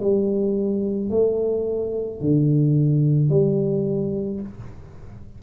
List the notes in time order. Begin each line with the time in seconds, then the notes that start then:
0.00 G3
1.10 A3
2.21 D3
3.29 G3